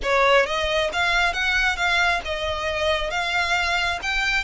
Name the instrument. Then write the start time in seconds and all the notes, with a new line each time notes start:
violin
0.02 C#5
0.46 D#5
0.92 F5
1.33 F#5
1.76 F5
2.24 D#5
3.10 F5
4.02 G5